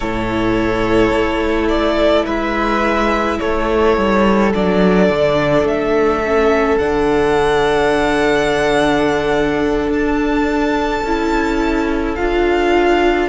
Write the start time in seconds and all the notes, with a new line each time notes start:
0.00 A2 E4 A4 C#5
1.11 A3
1.68 D5
2.25 G#3 B4 E5
3.39 A3 A4 C#5
3.97 G3
4.54 F#3 D4 D5
5.09 D3
5.63 A3 E5
6.24 C#4
6.78 D3 D4 F#5
9.88 D4 A5
11.03 C#4 E4
12.15 D4 F4 F5